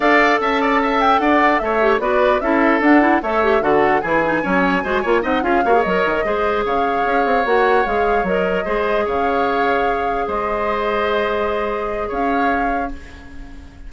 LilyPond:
<<
  \new Staff \with { instrumentName = "flute" } { \time 4/4 \tempo 4 = 149 f''4 a''4. g''8 fis''4 | e''4 d''4 e''4 fis''4 | e''4 fis''4 gis''2~ | gis''4 fis''8 f''4 dis''4.~ |
dis''8 f''2 fis''4 f''8~ | f''8 dis''2 f''4.~ | f''4. dis''2~ dis''8~ | dis''2 f''2 | }
  \new Staff \with { instrumentName = "oboe" } { \time 4/4 d''4 e''8 d''8 e''4 d''4 | cis''4 b'4 a'2 | cis''4 a'4 gis'4 cis''4 | c''8 cis''8 dis''8 gis'8 cis''4. c''8~ |
c''8 cis''2.~ cis''8~ | cis''4. c''4 cis''4.~ | cis''4. c''2~ c''8~ | c''2 cis''2 | }
  \new Staff \with { instrumentName = "clarinet" } { \time 4/4 a'1~ | a'8 g'8 fis'4 e'4 d'8 e'8 | a'8 g'8 fis'4 e'8 dis'8 cis'4 | fis'8 f'8 dis'8 f'8 fis'16 gis'16 ais'4 gis'8~ |
gis'2~ gis'8 fis'4 gis'8~ | gis'8 ais'4 gis'2~ gis'8~ | gis'1~ | gis'1 | }
  \new Staff \with { instrumentName = "bassoon" } { \time 4/4 d'4 cis'2 d'4 | a4 b4 cis'4 d'4 | a4 d4 e4 fis4 | gis8 ais8 c'8 cis'8 ais8 fis8 dis8 gis8~ |
gis8 cis4 cis'8 c'8 ais4 gis8~ | gis8 fis4 gis4 cis4.~ | cis4. gis2~ gis8~ | gis2 cis'2 | }
>>